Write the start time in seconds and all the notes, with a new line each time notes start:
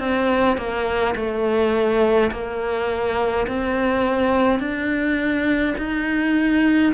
0.00 C4
0.58 A#3
1.16 A3
2.32 A#3
3.48 C4
4.60 D4
5.78 D#4